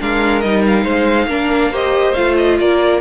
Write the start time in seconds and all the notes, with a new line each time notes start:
0.00 G#3 D4 A#4 F5
0.41 G3 D#4 D#5
0.67 F5
0.84 G#3 C5
1.27 A#3 D4 A#4
1.71 G4 C5 D#5
2.14 A3 F4 F5
2.37 D#5
2.59 A#3 A#4 D5